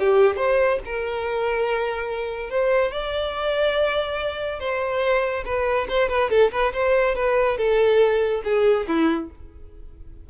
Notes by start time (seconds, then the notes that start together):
0.00 G4
0.37 C5
0.86 A#4
2.50 C5
2.92 D5
4.60 C5
5.45 B4
5.89 C5
6.09 B4
6.30 A4
6.52 B4
6.73 C5
7.16 B4
7.58 A4
8.44 G#4
8.88 E4